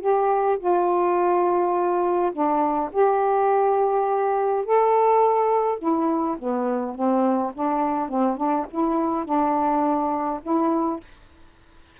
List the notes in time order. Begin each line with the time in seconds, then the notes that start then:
0.00 G4
0.59 F4
2.32 D4
2.92 G4
4.65 A4
5.79 E4
6.38 B3
6.94 C4
7.54 D4
8.08 C4
8.36 D4
8.70 E4
9.25 D4
10.42 E4